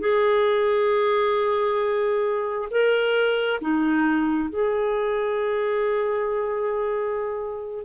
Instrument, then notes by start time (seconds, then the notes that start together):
clarinet
0.00 G#4
2.71 A#4
3.61 D#4
4.50 G#4